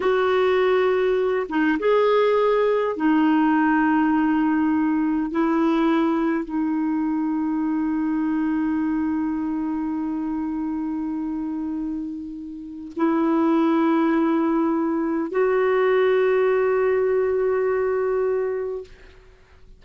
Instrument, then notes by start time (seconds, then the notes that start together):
clarinet
0.00 F#4
1.49 D#4
1.79 G#4
2.96 D#4
5.31 E4
6.44 D#4
12.96 E4
15.31 F#4